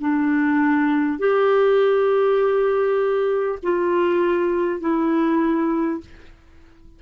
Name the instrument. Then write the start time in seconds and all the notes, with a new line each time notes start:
clarinet
0.00 D4
1.19 G4
3.63 F4
4.81 E4